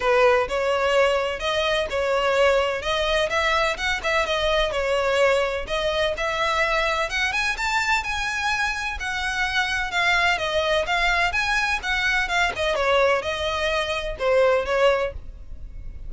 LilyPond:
\new Staff \with { instrumentName = "violin" } { \time 4/4 \tempo 4 = 127 b'4 cis''2 dis''4 | cis''2 dis''4 e''4 | fis''8 e''8 dis''4 cis''2 | dis''4 e''2 fis''8 gis''8 |
a''4 gis''2 fis''4~ | fis''4 f''4 dis''4 f''4 | gis''4 fis''4 f''8 dis''8 cis''4 | dis''2 c''4 cis''4 | }